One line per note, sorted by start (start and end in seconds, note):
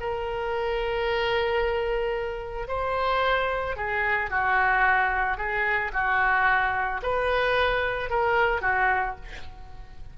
0.00 2.68 A#4
2.68 3.76 C5
3.76 4.30 G#4
4.30 5.37 F#4
5.37 5.91 G#4
5.93 7.01 F#4
7.02 8.09 B4
8.09 8.61 A#4
8.61 9.15 F#4